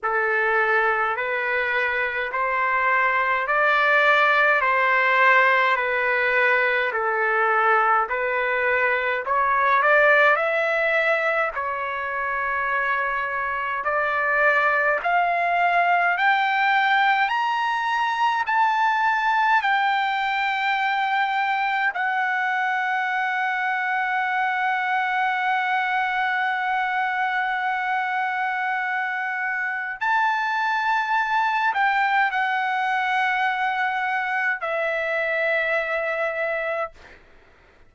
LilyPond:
\new Staff \with { instrumentName = "trumpet" } { \time 4/4 \tempo 4 = 52 a'4 b'4 c''4 d''4 | c''4 b'4 a'4 b'4 | cis''8 d''8 e''4 cis''2 | d''4 f''4 g''4 ais''4 |
a''4 g''2 fis''4~ | fis''1~ | fis''2 a''4. g''8 | fis''2 e''2 | }